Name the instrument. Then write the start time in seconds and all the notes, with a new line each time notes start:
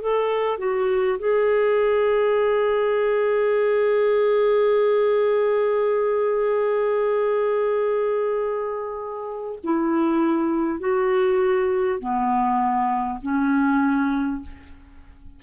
clarinet
0.00 A4
0.57 F#4
1.18 G#4
9.63 E4
10.79 F#4
11.99 B3
13.22 C#4